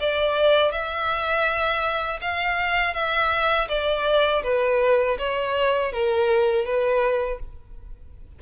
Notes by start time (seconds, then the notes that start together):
0.00 D5
0.72 E5
2.21 F5
2.94 E5
3.68 D5
4.43 B4
5.19 C#5
5.93 A#4
6.65 B4